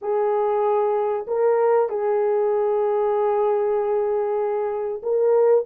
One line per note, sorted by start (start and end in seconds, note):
0.01 1.26 G#4
1.27 1.89 A#4
1.89 5.01 G#4
5.02 5.65 A#4